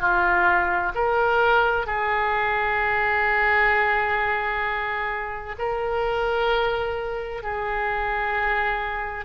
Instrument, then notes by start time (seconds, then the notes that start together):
oboe
0.00 F4
0.94 A#4
1.86 G#4
5.58 A#4
7.43 G#4